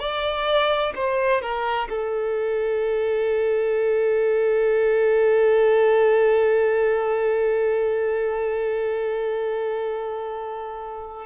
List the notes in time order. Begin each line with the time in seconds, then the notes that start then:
0.00 D5
0.96 C5
1.42 A#4
1.90 A4